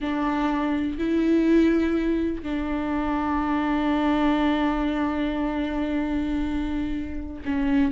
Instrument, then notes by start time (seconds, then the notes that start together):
viola
0.00 D4
0.98 E4
2.43 D4
7.45 C#4